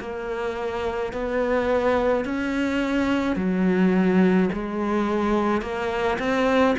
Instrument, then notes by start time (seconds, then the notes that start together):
cello
0.00 A#3
1.13 B3
2.25 C#4
3.36 F#3
4.53 G#3
5.62 A#3
6.19 C4